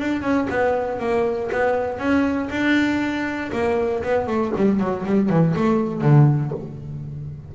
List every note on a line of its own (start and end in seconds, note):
0.00 0.22 D4
0.22 0.47 C#4
0.50 1.00 B3
1.00 1.50 A#3
1.52 1.99 B3
1.99 2.50 C#4
2.50 3.51 D4
3.53 4.03 A#3
4.03 4.27 B3
4.27 4.52 A3
4.57 4.80 G3
4.80 5.05 F#3
5.06 5.30 G3
5.30 5.55 E3
5.56 6.02 A3
6.02 6.52 D3